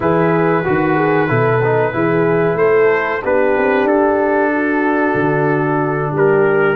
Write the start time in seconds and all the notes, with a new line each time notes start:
0.00 E3 E4 G#4 B4
0.63 D#3 F#4
0.94 G#4
1.27 B2 E4 A4
1.63 D#4
1.92 E3 E4 G#4
2.54 A3 A4 C5
3.23 B3 D4 G4 B4
3.57 C4
3.84 D4 A4
4.52 F#4
5.14 D3
6.11 G3 G4 A#4